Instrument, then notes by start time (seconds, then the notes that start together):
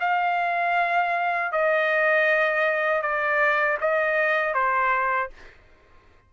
trumpet
0.00 F5
1.52 D#5
3.02 D5
3.81 D#5
4.54 C5